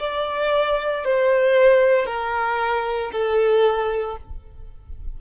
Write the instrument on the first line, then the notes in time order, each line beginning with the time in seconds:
violin
0.00 D5
1.05 C5
2.06 A#4
3.12 A4